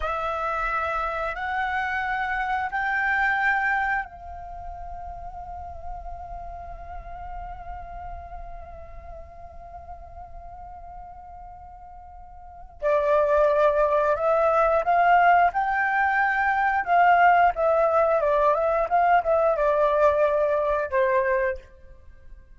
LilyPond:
\new Staff \with { instrumentName = "flute" } { \time 4/4 \tempo 4 = 89 e''2 fis''2 | g''2 f''2~ | f''1~ | f''1~ |
f''2. d''4~ | d''4 e''4 f''4 g''4~ | g''4 f''4 e''4 d''8 e''8 | f''8 e''8 d''2 c''4 | }